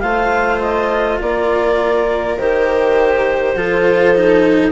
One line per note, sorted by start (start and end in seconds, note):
0.00 1.21 A3
0.00 2.38 F4
0.00 1.20 C5
0.00 0.59 F5
0.60 1.19 D#5
1.21 2.37 A#3
1.21 3.57 A#4
1.21 2.38 D5
2.37 3.55 D#3
2.37 3.56 G4
2.37 4.72 C5
3.55 4.72 F3
3.55 4.15 F4
3.55 4.72 A4
4.15 4.72 D#4